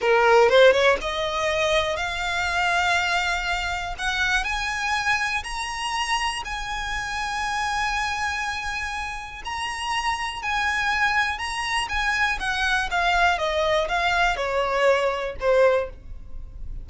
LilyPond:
\new Staff \with { instrumentName = "violin" } { \time 4/4 \tempo 4 = 121 ais'4 c''8 cis''8 dis''2 | f''1 | fis''4 gis''2 ais''4~ | ais''4 gis''2.~ |
gis''2. ais''4~ | ais''4 gis''2 ais''4 | gis''4 fis''4 f''4 dis''4 | f''4 cis''2 c''4 | }